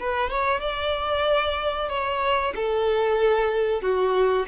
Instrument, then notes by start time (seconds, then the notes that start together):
violin
0.00 B4
0.30 C#5
0.61 D5
1.89 C#5
2.55 A4
3.82 F#4